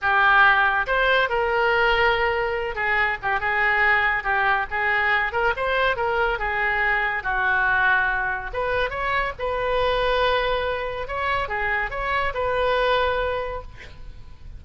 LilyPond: \new Staff \with { instrumentName = "oboe" } { \time 4/4 \tempo 4 = 141 g'2 c''4 ais'4~ | ais'2~ ais'8 gis'4 g'8 | gis'2 g'4 gis'4~ | gis'8 ais'8 c''4 ais'4 gis'4~ |
gis'4 fis'2. | b'4 cis''4 b'2~ | b'2 cis''4 gis'4 | cis''4 b'2. | }